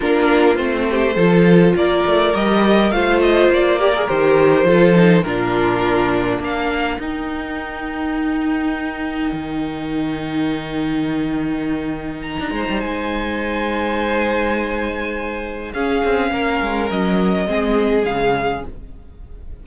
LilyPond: <<
  \new Staff \with { instrumentName = "violin" } { \time 4/4 \tempo 4 = 103 ais'4 c''2 d''4 | dis''4 f''8 dis''8 d''4 c''4~ | c''4 ais'2 f''4 | g''1~ |
g''1~ | g''4 ais''4 gis''2~ | gis''2. f''4~ | f''4 dis''2 f''4 | }
  \new Staff \with { instrumentName = "violin" } { \time 4/4 f'4. g'8 a'4 ais'4~ | ais'4 c''4. ais'4. | a'4 f'2 ais'4~ | ais'1~ |
ais'1~ | ais'4. c''2~ c''8~ | c''2. gis'4 | ais'2 gis'2 | }
  \new Staff \with { instrumentName = "viola" } { \time 4/4 d'4 c'4 f'2 | g'4 f'4. g'16 gis'16 g'4 | f'8 dis'8 d'2. | dis'1~ |
dis'1~ | dis'1~ | dis'2. cis'4~ | cis'2 c'4 gis4 | }
  \new Staff \with { instrumentName = "cello" } { \time 4/4 ais4 a4 f4 ais8 a8 | g4 a4 ais4 dis4 | f4 ais,2 ais4 | dis'1 |
dis1~ | dis4~ dis16 d'16 gis16 g16 gis2~ | gis2. cis'8 c'8 | ais8 gis8 fis4 gis4 cis4 | }
>>